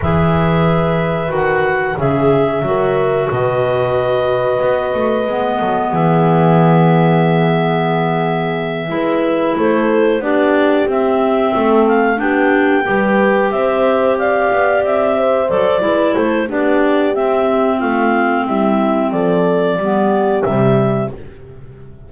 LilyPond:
<<
  \new Staff \with { instrumentName = "clarinet" } { \time 4/4 \tempo 4 = 91 e''2 fis''4 e''4~ | e''4 dis''2.~ | dis''4 e''2.~ | e''2~ e''8 c''4 d''8~ |
d''8 e''4. f''8 g''4.~ | g''8 e''4 f''4 e''4 d''8~ | d''8 c''8 d''4 e''4 f''4 | e''4 d''2 e''4 | }
  \new Staff \with { instrumentName = "horn" } { \time 4/4 b'2. gis'4 | ais'4 b'2.~ | b'8 a'8 gis'2.~ | gis'4. b'4 a'4 g'8~ |
g'4. a'4 g'4 b'8~ | b'8 c''4 d''4. c''4 | b'8 a'8 g'2 f'4 | e'4 a'4 g'2 | }
  \new Staff \with { instrumentName = "clarinet" } { \time 4/4 gis'2 fis'4 gis'4 | fis'1 | b1~ | b4. e'2 d'8~ |
d'8 c'2 d'4 g'8~ | g'2.~ g'8 a'8 | e'4 d'4 c'2~ | c'2 b4 g4 | }
  \new Staff \with { instrumentName = "double bass" } { \time 4/4 e2 dis4 cis4 | fis4 b,2 b8 a8 | gis8 fis8 e2.~ | e4. gis4 a4 b8~ |
b8 c'4 a4 b4 g8~ | g8 c'4. b8 c'4 fis8 | gis8 a8 b4 c'4 a4 | g4 f4 g4 c4 | }
>>